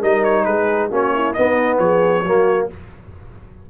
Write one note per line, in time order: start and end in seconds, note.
0.00 0.46 G3
0.00 0.91 D#4
0.00 0.44 A#4
0.00 0.24 D#5
0.24 0.45 C#5
0.45 0.91 G#3
0.45 0.91 G#4
0.45 0.90 B4
0.91 1.36 A#3
0.91 1.36 C#4
0.91 1.13 F#4
0.91 1.34 C#5
1.14 1.36 E4
1.34 2.25 B3
1.34 1.79 B3
1.34 1.81 D#4
1.34 1.78 D#5
1.79 2.24 F3
1.79 2.24 G#4
1.79 2.68 C#5
2.24 2.68 F#3
2.24 2.70 A#3
2.24 2.69 F#4